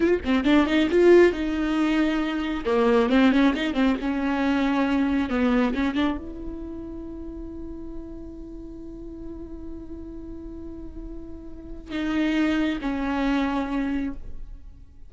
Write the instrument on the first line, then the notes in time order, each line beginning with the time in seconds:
viola
0.00 F4
0.24 C4
0.44 D4
0.66 D#4
0.90 F4
1.32 D#4
2.65 A#3
3.09 C4
3.32 C#4
3.54 D#4
3.73 C4
4.01 C#4
5.29 B3
5.74 C#4
5.95 D4
6.17 E4
11.91 D#4
12.81 C#4